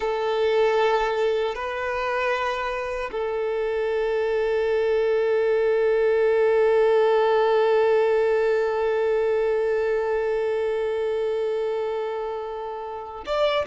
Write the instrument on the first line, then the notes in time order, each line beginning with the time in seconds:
violin
0.00 A4
1.54 B4
3.11 A4
13.26 D5